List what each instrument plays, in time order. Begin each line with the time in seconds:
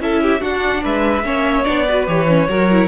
0.00 cello C#4, viola E4, violin A4 E5
0.22 violin G4
0.40 viola D4, cello D4, violin F#4 F#5
0.83 cello G#3, violin B4 E5
1.24 cello A#3, viola C#4, violin C#5
1.64 cello B3, viola D4, violin D5
1.86 viola F#4, violin B4
2.06 cello E3, viola G4, violin C#5
2.28 viola C#4
2.48 cello F#3, viola F#4, violin A#4
2.71 viola E4